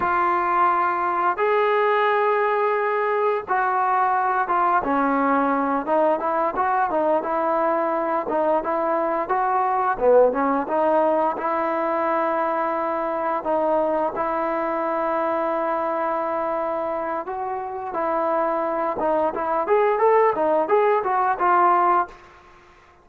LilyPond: \new Staff \with { instrumentName = "trombone" } { \time 4/4 \tempo 4 = 87 f'2 gis'2~ | gis'4 fis'4. f'8 cis'4~ | cis'8 dis'8 e'8 fis'8 dis'8 e'4. | dis'8 e'4 fis'4 b8 cis'8 dis'8~ |
dis'8 e'2. dis'8~ | dis'8 e'2.~ e'8~ | e'4 fis'4 e'4. dis'8 | e'8 gis'8 a'8 dis'8 gis'8 fis'8 f'4 | }